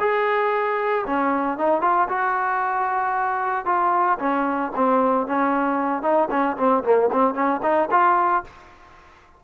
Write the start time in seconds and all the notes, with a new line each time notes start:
0.00 G#4
1.07 C#4
1.58 D#4
1.82 F4
2.09 F#4
3.66 F4
4.20 C#4
4.76 C4
5.27 C#4
6.03 D#4
6.31 C#4
6.58 C4
6.84 A#3
7.13 C4
7.35 C#4
7.63 D#4
7.92 F4